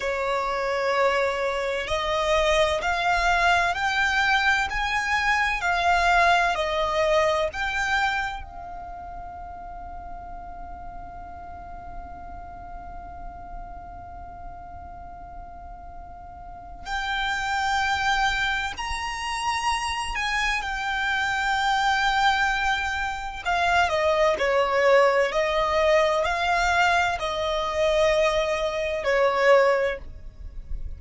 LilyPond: \new Staff \with { instrumentName = "violin" } { \time 4/4 \tempo 4 = 64 cis''2 dis''4 f''4 | g''4 gis''4 f''4 dis''4 | g''4 f''2.~ | f''1~ |
f''2 g''2 | ais''4. gis''8 g''2~ | g''4 f''8 dis''8 cis''4 dis''4 | f''4 dis''2 cis''4 | }